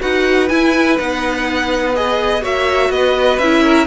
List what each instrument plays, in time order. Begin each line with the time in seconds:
0.00 cello D#4, viola F#4, violin B4 F#5
0.49 viola E4, cello E4, violin G#5
0.98 cello B3, viola D#4, violin F#5
1.95 viola G#4, violin D#5
2.42 cello A#3, viola F#4, violin C#5 E5
2.90 cello B3, violin B4 D#5
3.38 cello C#4, viola E4, violin E5
3.63 violin A#4